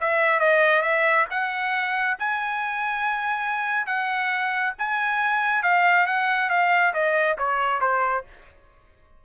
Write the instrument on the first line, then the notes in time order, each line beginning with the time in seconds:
trumpet
0.00 E5
0.39 D#5
0.82 E5
1.30 F#5
2.18 G#5
3.86 F#5
4.78 G#5
5.62 F5
6.06 F#5
6.49 F5
6.93 D#5
7.38 C#5
7.80 C5